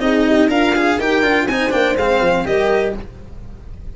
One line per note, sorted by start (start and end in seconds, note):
0.00 0.49 C4
0.00 0.49 D#4
0.00 0.27 G#4
0.00 0.50 D#5
0.27 0.49 G4
0.49 0.98 D4
0.49 0.97 F4
0.49 0.74 A#4
0.49 1.00 F5
0.76 1.01 G#4
0.97 1.22 D#4
0.97 1.23 G4
0.97 1.46 A#4
0.97 1.48 G5
1.22 1.47 D4
1.22 1.48 F4
1.47 1.72 C4
1.47 1.71 D#4
1.47 2.45 C5
1.47 1.72 G#5
1.71 1.97 A#3
1.71 1.96 D4
1.71 1.96 G5
1.97 2.21 G#3
1.97 2.46 C4
1.97 2.47 F5
2.21 2.46 F3
2.46 2.95 G3
2.46 2.95 G4
2.46 2.97 A#4
2.46 2.96 D#5